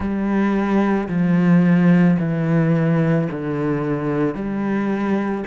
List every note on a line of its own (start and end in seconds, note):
0.00 1.08 G3
1.08 2.17 F3
2.19 3.28 E3
3.31 4.34 D3
4.34 5.43 G3